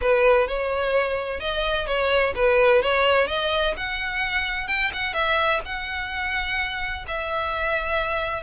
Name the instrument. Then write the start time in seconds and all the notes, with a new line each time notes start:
violin
0.01 B4
0.47 C#5
1.40 D#5
1.86 C#5
2.35 B4
2.82 C#5
3.27 D#5
3.76 F#5
4.67 G5
4.93 F#5
5.13 E5
5.65 F#5
7.07 E5